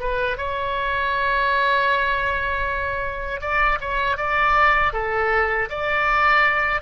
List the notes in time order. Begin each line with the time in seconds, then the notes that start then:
0.00 B4
0.38 C#5
3.41 D5
3.81 C#5
4.17 D5
4.93 A4
5.69 D5